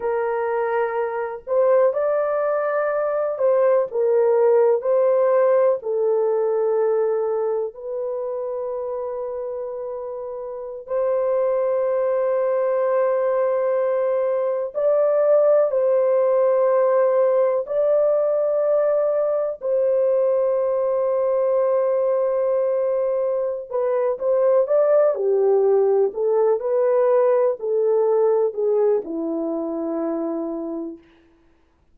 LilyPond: \new Staff \with { instrumentName = "horn" } { \time 4/4 \tempo 4 = 62 ais'4. c''8 d''4. c''8 | ais'4 c''4 a'2 | b'2.~ b'16 c''8.~ | c''2.~ c''16 d''8.~ |
d''16 c''2 d''4.~ d''16~ | d''16 c''2.~ c''8.~ | c''8 b'8 c''8 d''8 g'4 a'8 b'8~ | b'8 a'4 gis'8 e'2 | }